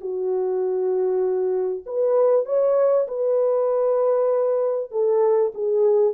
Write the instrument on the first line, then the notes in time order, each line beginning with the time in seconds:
horn
0.00 F#4
1.85 B4
2.45 C#5
3.07 B4
4.91 A4
5.54 G#4